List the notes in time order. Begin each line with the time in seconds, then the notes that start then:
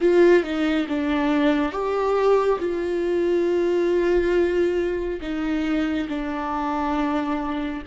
0.00 F4
0.43 D#4
0.88 D4
1.72 G4
2.59 F4
5.21 D#4
6.09 D4